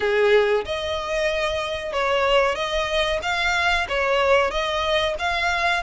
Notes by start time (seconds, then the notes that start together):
0.00 G#4
0.65 D#5
1.92 C#5
2.55 D#5
3.22 F5
3.89 C#5
4.50 D#5
5.18 F5